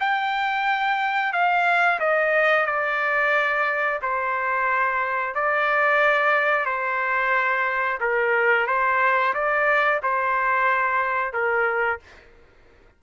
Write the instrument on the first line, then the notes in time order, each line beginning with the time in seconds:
trumpet
0.00 G5
1.33 F5
1.99 D#5
2.66 D5
4.02 C5
5.35 D5
6.65 C5
8.00 A#4
8.67 C5
9.34 D5
10.03 C5
11.33 A#4